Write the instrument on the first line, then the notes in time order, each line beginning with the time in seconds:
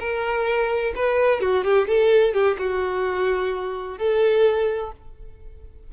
violin
0.00 A#4
0.96 B4
1.41 F#4
1.64 G4
1.88 A4
2.34 G4
2.59 F#4
3.98 A4